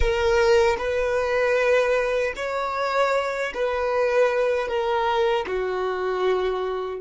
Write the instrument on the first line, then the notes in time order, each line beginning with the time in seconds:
violin
0.00 A#4
0.78 B4
2.36 C#5
3.53 B4
4.68 A#4
5.47 F#4